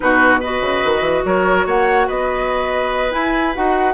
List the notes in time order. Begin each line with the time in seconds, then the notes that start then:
0.00 B2 D#4 F#4 B4
0.39 F#4 B4 D#5
0.61 C#3
0.84 D#3
1.01 E3
1.25 F#3 A#4 C#5
1.66 A#3 C#5 F#5
2.07 B3 B4 D#5
3.11 E4 G#5
3.54 D#4 F#4 F#5